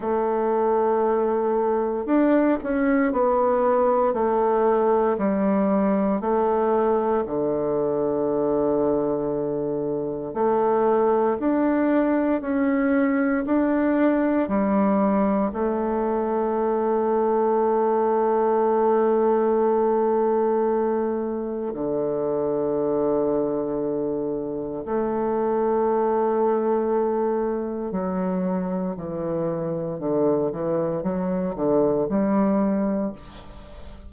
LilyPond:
\new Staff \with { instrumentName = "bassoon" } { \time 4/4 \tempo 4 = 58 a2 d'8 cis'8 b4 | a4 g4 a4 d4~ | d2 a4 d'4 | cis'4 d'4 g4 a4~ |
a1~ | a4 d2. | a2. fis4 | e4 d8 e8 fis8 d8 g4 | }